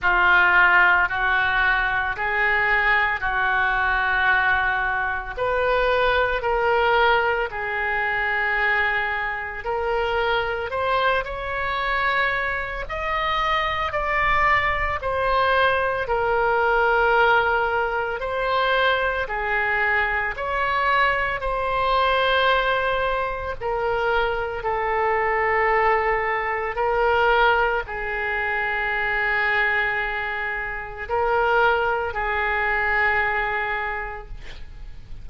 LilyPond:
\new Staff \with { instrumentName = "oboe" } { \time 4/4 \tempo 4 = 56 f'4 fis'4 gis'4 fis'4~ | fis'4 b'4 ais'4 gis'4~ | gis'4 ais'4 c''8 cis''4. | dis''4 d''4 c''4 ais'4~ |
ais'4 c''4 gis'4 cis''4 | c''2 ais'4 a'4~ | a'4 ais'4 gis'2~ | gis'4 ais'4 gis'2 | }